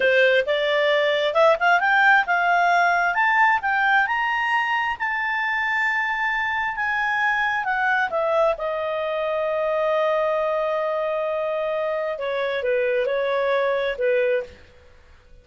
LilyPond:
\new Staff \with { instrumentName = "clarinet" } { \time 4/4 \tempo 4 = 133 c''4 d''2 e''8 f''8 | g''4 f''2 a''4 | g''4 ais''2 a''4~ | a''2. gis''4~ |
gis''4 fis''4 e''4 dis''4~ | dis''1~ | dis''2. cis''4 | b'4 cis''2 b'4 | }